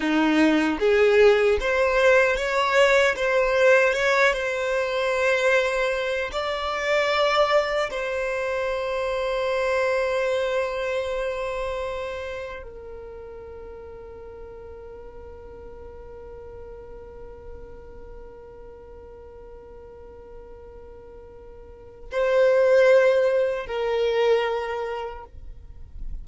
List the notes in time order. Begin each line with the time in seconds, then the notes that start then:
0.00 D#4
0.79 G#4
1.60 C5
2.36 C#5
3.16 C5
3.93 C#5
4.33 C5
6.32 D5
7.90 C5
12.62 A#4
22.11 C5
23.66 A#4